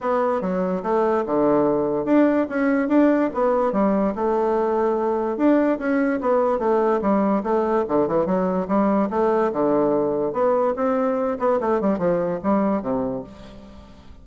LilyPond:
\new Staff \with { instrumentName = "bassoon" } { \time 4/4 \tempo 4 = 145 b4 fis4 a4 d4~ | d4 d'4 cis'4 d'4 | b4 g4 a2~ | a4 d'4 cis'4 b4 |
a4 g4 a4 d8 e8 | fis4 g4 a4 d4~ | d4 b4 c'4. b8 | a8 g8 f4 g4 c4 | }